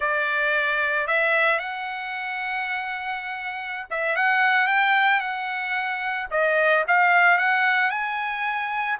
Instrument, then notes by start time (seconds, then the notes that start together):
trumpet
0.00 D5
1.07 E5
1.59 F#5
3.90 E5
4.16 F#5
4.67 G5
5.20 F#5
6.30 D#5
6.87 F5
7.38 F#5
7.90 G#5